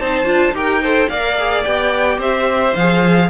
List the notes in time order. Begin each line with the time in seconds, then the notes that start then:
0.00 C4 D#4 C5 A5
0.25 D4 F4
0.53 D#4 G4 A#4 G5
0.83 A4 C5
1.09 A#3 A#4 D5 F5
1.38 G#4
1.64 B3 G4 G5
2.18 C4 C5 E5
2.76 F3 G#4 F5